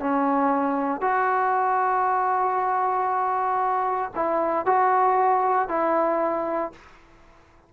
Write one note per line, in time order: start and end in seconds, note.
0.00 1.01 C#4
1.01 4.12 F#4
4.16 4.66 E4
4.66 5.69 F#4
5.69 6.73 E4